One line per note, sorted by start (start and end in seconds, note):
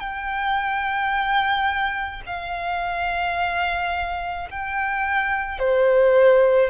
0.00 2.22 G5
2.26 4.48 F5
4.51 5.59 G5
5.59 6.70 C5